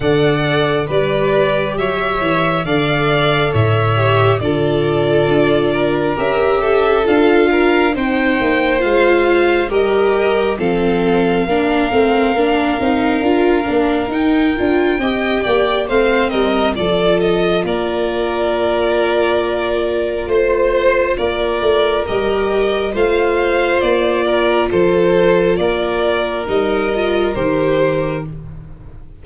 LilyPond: <<
  \new Staff \with { instrumentName = "violin" } { \time 4/4 \tempo 4 = 68 fis''4 d''4 e''4 f''4 | e''4 d''2 e''4 | f''4 g''4 f''4 dis''4 | f''1 |
g''2 f''8 dis''8 d''8 dis''8 | d''2. c''4 | d''4 dis''4 f''4 d''4 | c''4 d''4 dis''4 c''4 | }
  \new Staff \with { instrumentName = "violin" } { \time 4/4 d''4 b'4 cis''4 d''4 | cis''4 a'4. ais'4 a'8~ | a'8 ais'8 c''2 ais'4 | a'4 ais'2.~ |
ais'4 dis''8 d''8 c''8 ais'8 a'4 | ais'2. c''4 | ais'2 c''4. ais'8 | a'4 ais'2. | }
  \new Staff \with { instrumentName = "viola" } { \time 4/4 a'4 g'2 a'4~ | a'8 g'8 f'2 g'4 | f'4 dis'4 f'4 g'4 | c'4 d'8 c'8 d'8 dis'8 f'8 d'8 |
dis'8 f'8 g'4 c'4 f'4~ | f'1~ | f'4 g'4 f'2~ | f'2 dis'8 f'8 g'4 | }
  \new Staff \with { instrumentName = "tuba" } { \time 4/4 d4 g4 fis8 e8 d4 | a,4 d4 d'4 cis'4 | d'4 c'8 ais8 gis4 g4 | f4 ais8 a8 ais8 c'8 d'8 ais8 |
dis'8 d'8 c'8 ais8 a8 g8 f4 | ais2. a4 | ais8 a8 g4 a4 ais4 | f4 ais4 g4 dis4 | }
>>